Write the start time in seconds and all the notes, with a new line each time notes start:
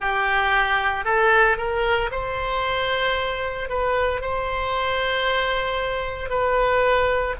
0.00 G4
1.04 A4
1.57 A#4
2.11 C5
3.68 B4
4.21 C5
6.29 B4